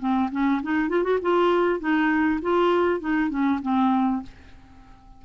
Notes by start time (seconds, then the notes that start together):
0.00 C4
0.32 C#4
0.63 D#4
0.90 F4
1.04 F#4
1.22 F4
1.80 D#4
2.42 F4
3.00 D#4
3.30 C#4
3.63 C4